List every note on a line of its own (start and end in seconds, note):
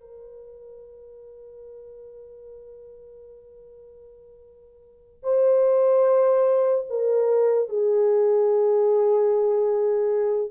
0.00 5.23 A#4
5.23 6.85 C5
6.90 7.68 A#4
7.68 10.51 G#4